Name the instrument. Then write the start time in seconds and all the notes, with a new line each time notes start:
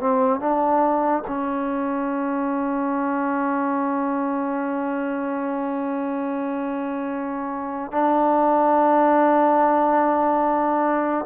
trombone
0.00 C4
0.40 D4
1.27 C#4
7.92 D4